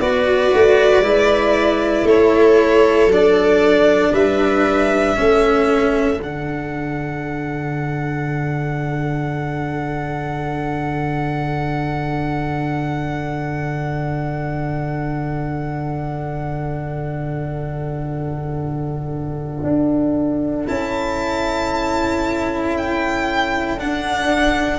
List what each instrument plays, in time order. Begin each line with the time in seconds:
0.00 tuba B3, cello F#4, viola B4, violin D5
0.54 tuba A3
1.00 tuba G#3, cello E4
2.04 tuba A3, viola A4, violin C#5
3.07 tuba F#3, cello D4, violin D5
4.12 tuba G3, viola B4, violin E5
5.16 tuba A3, cello C#4, viola A4
6.20 tuba D3, cello D4, violin F#5
19.63 tuba D4
20.67 tuba C#4, cello E4, violin A5
22.77 violin G5
23.78 tuba D4, cello D4, violin F#5